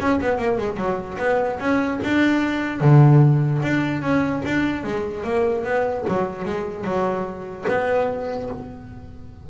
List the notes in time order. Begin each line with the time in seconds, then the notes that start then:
0.00 C#4
0.20 B3
0.38 A#3
0.58 G#3
0.77 F#3
1.18 B3
1.59 C#4
2.04 D4
2.80 D3
3.62 D4
4.02 C#4
4.45 D4
4.84 G#3
5.24 A#3
5.64 B3
6.08 F#3
6.45 G#3
6.84 F#3
7.68 B3